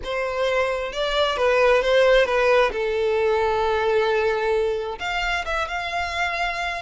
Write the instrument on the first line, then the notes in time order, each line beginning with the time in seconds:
violin
0.04 C5
0.92 D5
1.36 B4
1.82 C5
2.25 B4
2.71 A4
4.99 F5
5.45 E5
5.68 F5